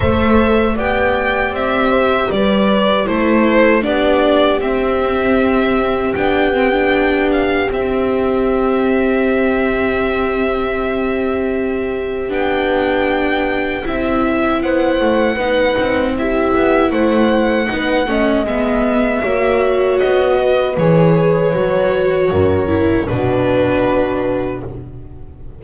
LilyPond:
<<
  \new Staff \with { instrumentName = "violin" } { \time 4/4 \tempo 4 = 78 e''4 g''4 e''4 d''4 | c''4 d''4 e''2 | g''4. f''8 e''2~ | e''1 |
g''2 e''4 fis''4~ | fis''4 e''4 fis''2 | e''2 dis''4 cis''4~ | cis''2 b'2 | }
  \new Staff \with { instrumentName = "horn" } { \time 4/4 c''4 d''4. c''8 b'4 | a'4 g'2.~ | g'1~ | g'1~ |
g'2. c''4 | b'4 g'4 c''4 b'8 dis''8~ | dis''4 cis''4. b'4.~ | b'4 ais'4 fis'2 | }
  \new Staff \with { instrumentName = "viola" } { \time 4/4 a'4 g'2. | e'4 d'4 c'2 | d'8 c'16 d'4~ d'16 c'2~ | c'1 |
d'2 e'2 | dis'4 e'2 dis'8 cis'8 | b4 fis'2 gis'4 | fis'4. e'8 d'2 | }
  \new Staff \with { instrumentName = "double bass" } { \time 4/4 a4 b4 c'4 g4 | a4 b4 c'2 | b2 c'2~ | c'1 |
b2 c'4 b8 a8 | b8 c'4 b8 a4 b8 a8 | gis4 ais4 b4 e4 | fis4 fis,4 b,2 | }
>>